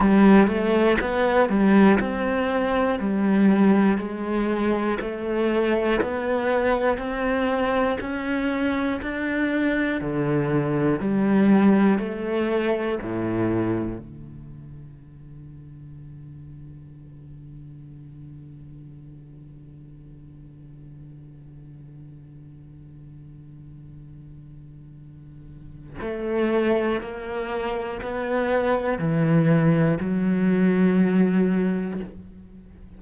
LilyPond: \new Staff \with { instrumentName = "cello" } { \time 4/4 \tempo 4 = 60 g8 a8 b8 g8 c'4 g4 | gis4 a4 b4 c'4 | cis'4 d'4 d4 g4 | a4 a,4 d2~ |
d1~ | d1~ | d2 a4 ais4 | b4 e4 fis2 | }